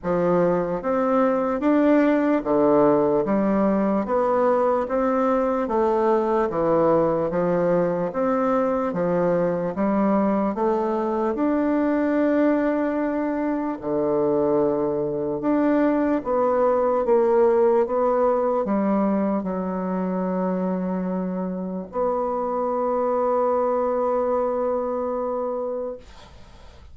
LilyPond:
\new Staff \with { instrumentName = "bassoon" } { \time 4/4 \tempo 4 = 74 f4 c'4 d'4 d4 | g4 b4 c'4 a4 | e4 f4 c'4 f4 | g4 a4 d'2~ |
d'4 d2 d'4 | b4 ais4 b4 g4 | fis2. b4~ | b1 | }